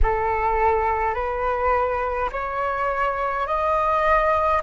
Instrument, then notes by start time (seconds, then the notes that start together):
flute
0.02 A4
1.14 B4
2.31 C#5
3.46 D#5